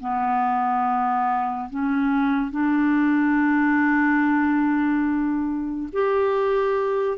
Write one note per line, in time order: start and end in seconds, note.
0.00 1.69 B3
1.70 2.51 C#4
2.51 5.89 D4
5.93 7.18 G4